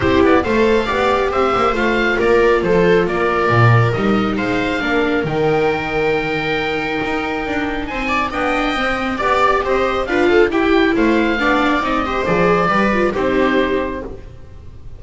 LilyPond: <<
  \new Staff \with { instrumentName = "oboe" } { \time 4/4 \tempo 4 = 137 c''8 d''8 f''2 e''4 | f''4 d''4 c''4 d''4~ | d''4 dis''4 f''2 | g''1~ |
g''2 gis''4 g''4~ | g''4 d''4 dis''4 f''4 | g''4 f''2 dis''4 | d''2 c''2 | }
  \new Staff \with { instrumentName = "viola" } { \time 4/4 g'4 c''4 d''4 c''4~ | c''4 ais'4 a'4 ais'4~ | ais'2 c''4 ais'4~ | ais'1~ |
ais'2 c''8 d''8 dis''4~ | dis''4 d''4 c''4 b'8 a'8 | g'4 c''4 d''4. c''8~ | c''4 b'4 g'2 | }
  \new Staff \with { instrumentName = "viola" } { \time 4/4 e'4 a'4 g'2 | f'1~ | f'4 dis'2 d'4 | dis'1~ |
dis'2. d'4 | c'4 g'2 f'4 | e'2 d'4 dis'8 g'8 | gis'4 g'8 f'8 dis'2 | }
  \new Staff \with { instrumentName = "double bass" } { \time 4/4 c'8 b8 a4 b4 c'8 ais8 | a4 ais4 f4 ais4 | ais,4 g4 gis4 ais4 | dis1 |
dis'4 d'4 c'4 b4 | c'4 b4 c'4 d'4 | e'4 a4 b4 c'4 | f4 g4 c'2 | }
>>